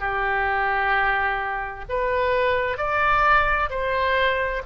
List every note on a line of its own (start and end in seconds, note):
0.00 1.85 G4
1.89 2.77 B4
2.77 3.70 D5
3.70 4.62 C5